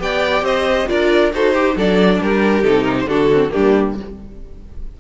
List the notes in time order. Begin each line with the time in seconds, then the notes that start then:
0.00 B3 G4 D5 G5
0.42 C4 C5 D#5
0.88 D4 F4 A#4 D5
1.33 D#4 F#4 A4 C5
1.54 G4
1.76 F#3 D4 A4 D5
2.21 G3 G4 A#4
2.64 C3 D#4 A4
2.84 A#4
3.01 D3 C5
3.08 D4 F#4 A4
3.33 C4
3.50 A#3 D4 G4
3.57 G3